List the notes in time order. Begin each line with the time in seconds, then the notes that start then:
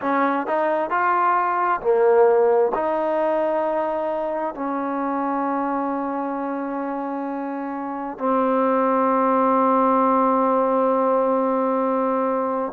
0.01 C#4
0.46 D#4
0.90 F4
1.81 A#3
2.74 D#4
4.55 C#4
8.18 C4